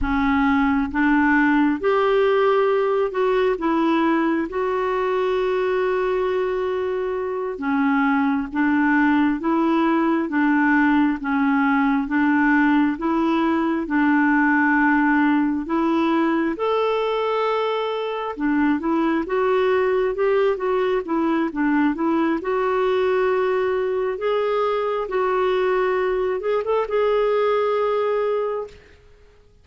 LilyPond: \new Staff \with { instrumentName = "clarinet" } { \time 4/4 \tempo 4 = 67 cis'4 d'4 g'4. fis'8 | e'4 fis'2.~ | fis'8 cis'4 d'4 e'4 d'8~ | d'8 cis'4 d'4 e'4 d'8~ |
d'4. e'4 a'4.~ | a'8 d'8 e'8 fis'4 g'8 fis'8 e'8 | d'8 e'8 fis'2 gis'4 | fis'4. gis'16 a'16 gis'2 | }